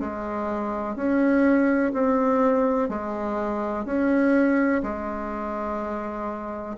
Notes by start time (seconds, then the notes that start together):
0.00 G#3
0.96 C#4
1.94 C4
2.89 G#3
3.86 C#4
4.83 G#3